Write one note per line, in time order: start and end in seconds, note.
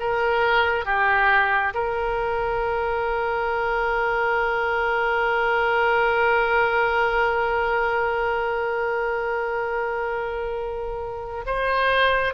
0.00 0.85 A#4
0.85 1.74 G4
1.74 11.45 A#4
11.46 12.34 C5